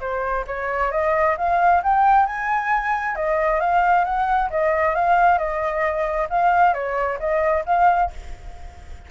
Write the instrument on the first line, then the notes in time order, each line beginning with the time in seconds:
flute
0.00 C5
0.47 C#5
0.91 D#5
1.37 F5
1.83 G5
2.26 G#5
3.15 D#5
3.60 F5
4.04 F#5
4.50 D#5
4.95 F5
5.38 D#5
6.30 F5
6.74 C#5
7.19 D#5
7.66 F5